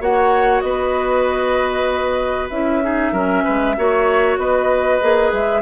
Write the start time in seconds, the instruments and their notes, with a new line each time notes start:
0.00 bassoon A#3, clarinet F#4, oboe C#5, flute F#5
0.60 bassoon B3, oboe B4, flute D#5
2.50 bassoon C#4, clarinet E4, flute E5
2.82 clarinet D#4, oboe G#4
3.12 bassoon F#3, clarinet C#4, oboe A#4
3.44 bassoon G#3, oboe B4
3.77 bassoon A#3, clarinet F#4, oboe C#5
4.37 bassoon B3, oboe B4, flute D#5
5.01 bassoon A#3, clarinet G#4
5.32 bassoon G#3, flute E5